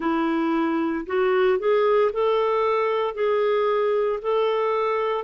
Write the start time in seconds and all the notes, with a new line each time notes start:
0.00 E4
1.06 F#4
1.58 G#4
2.12 A4
3.14 G#4
4.22 A4